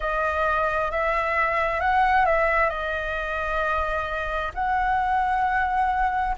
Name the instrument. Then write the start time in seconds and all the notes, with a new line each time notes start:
flute
0.00 D#5
0.91 E5
1.80 F#5
2.25 E5
2.69 D#5
4.54 F#5